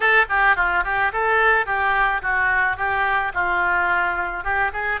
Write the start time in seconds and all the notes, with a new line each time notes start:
0.00 A4
0.29 G4
0.56 F4
0.84 G4
1.12 A4
1.66 G4
2.21 F#4
2.76 G4
3.34 F4
4.43 G4
4.72 G#4